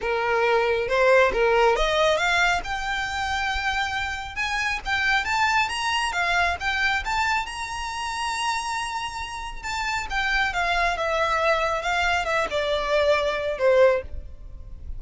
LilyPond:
\new Staff \with { instrumentName = "violin" } { \time 4/4 \tempo 4 = 137 ais'2 c''4 ais'4 | dis''4 f''4 g''2~ | g''2 gis''4 g''4 | a''4 ais''4 f''4 g''4 |
a''4 ais''2.~ | ais''2 a''4 g''4 | f''4 e''2 f''4 | e''8 d''2~ d''8 c''4 | }